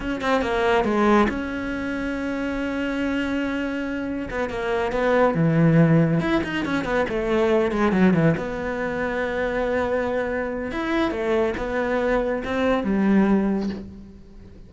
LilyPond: \new Staff \with { instrumentName = "cello" } { \time 4/4 \tempo 4 = 140 cis'8 c'8 ais4 gis4 cis'4~ | cis'1~ | cis'2 b8 ais4 b8~ | b8 e2 e'8 dis'8 cis'8 |
b8 a4. gis8 fis8 e8 b8~ | b1~ | b4 e'4 a4 b4~ | b4 c'4 g2 | }